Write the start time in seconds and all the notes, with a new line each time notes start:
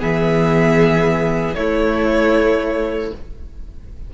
0.00 E3 B3 G#4 E5
1.55 A3 E4 C#5